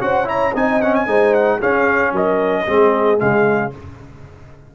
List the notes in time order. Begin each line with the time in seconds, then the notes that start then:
0.00 C#4 F#4 C5 F#5
0.25 E4 C#5 A#5
0.54 C4 D#4 D#5 G#5
0.81 C#4 F#5
0.94 G#5
1.06 G#3 D#4 C5
1.34 F#5
1.59 C#4 G#4 F5
2.12 F#3 A#4 D#5
2.64 G#3 C4 G#4
3.17 C#3 G#3 F5